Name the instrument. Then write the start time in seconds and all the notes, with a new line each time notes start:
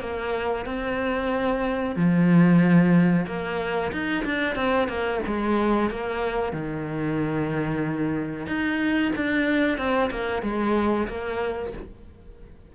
cello
0.00 A#3
0.65 C4
1.96 F3
3.26 A#3
3.92 D#4
4.24 D4
4.55 C4
4.88 A#3
5.26 G#3
5.90 A#3
6.52 D#3
8.46 D#4
9.16 D4
9.78 C4
10.10 A#3
10.42 G#3
11.08 A#3